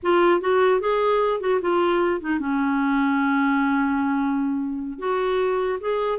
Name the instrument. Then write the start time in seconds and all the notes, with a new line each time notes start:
clarinet
0.02 F4
0.41 F#4
0.80 G#4
1.40 F#4
1.61 F4
2.21 D#4
2.39 C#4
4.98 F#4
5.80 G#4